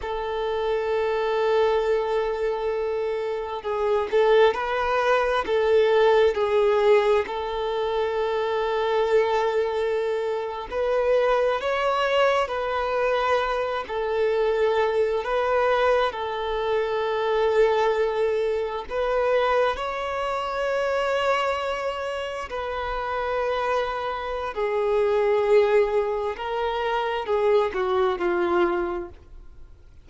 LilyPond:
\new Staff \with { instrumentName = "violin" } { \time 4/4 \tempo 4 = 66 a'1 | gis'8 a'8 b'4 a'4 gis'4 | a'2.~ a'8. b'16~ | b'8. cis''4 b'4. a'8.~ |
a'8. b'4 a'2~ a'16~ | a'8. b'4 cis''2~ cis''16~ | cis''8. b'2~ b'16 gis'4~ | gis'4 ais'4 gis'8 fis'8 f'4 | }